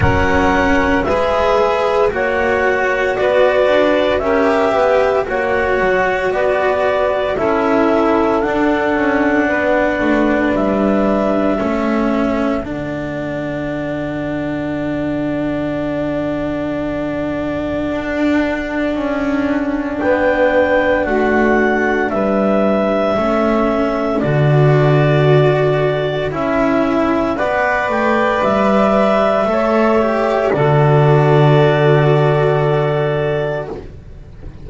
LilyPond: <<
  \new Staff \with { instrumentName = "clarinet" } { \time 4/4 \tempo 4 = 57 fis''4 e''4 fis''4 d''4 | e''4 fis''4 d''4 e''4 | fis''2 e''2 | fis''1~ |
fis''2. g''4 | fis''4 e''2 d''4~ | d''4 e''4 fis''8 g''8 e''4~ | e''4 d''2. | }
  \new Staff \with { instrumentName = "saxophone" } { \time 4/4 ais'4 b'4 cis''4 b'4 | ais'8 b'8 cis''4 b'4 a'4~ | a'4 b'2 a'4~ | a'1~ |
a'2. b'4 | fis'4 b'4 a'2~ | a'2 d''2 | cis''4 a'2. | }
  \new Staff \with { instrumentName = "cello" } { \time 4/4 cis'4 gis'4 fis'2 | g'4 fis'2 e'4 | d'2. cis'4 | d'1~ |
d'1~ | d'2 cis'4 fis'4~ | fis'4 e'4 b'2 | a'8 g'8 fis'2. | }
  \new Staff \with { instrumentName = "double bass" } { \time 4/4 fis4 gis4 ais4 b8 d'8 | cis'8 b8 ais8 fis8 b4 cis'4 | d'8 cis'8 b8 a8 g4 a4 | d1~ |
d4 d'4 cis'4 b4 | a4 g4 a4 d4~ | d4 cis'4 b8 a8 g4 | a4 d2. | }
>>